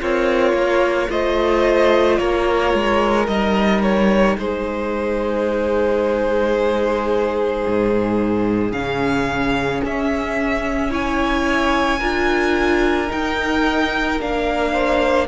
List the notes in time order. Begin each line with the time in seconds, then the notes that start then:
0.00 C4 F4 A#4 C#5
0.53 A#3
1.07 A3 F4 C5 D#5
2.17 A#3 A#4 C#5
2.74 G#3
3.27 G3 D#4 D#5
3.82 C#5
4.38 G#3 G#4 C5
7.66 G#2
8.72 C#3 C#4 F5
9.84 C#4 E5
10.90 E4 C#5 G#5
11.99 D4 F4 A#4
13.07 D#4 G5
14.20 A#3 D4 F5
14.73 C5